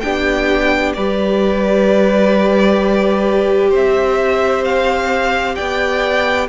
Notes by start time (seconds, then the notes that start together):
0.00 B3 D4 G4 G5
0.93 G3 G4 B4 D5
3.69 C4 C5 E5
4.64 F5
5.55 B3 D5 G5